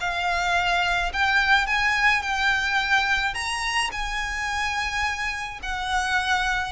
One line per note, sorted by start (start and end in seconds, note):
0.00 1.12 F5
1.13 1.67 G5
1.67 2.22 G#5
2.22 3.34 G5
3.34 3.90 A#5
3.92 5.60 G#5
5.63 6.72 F#5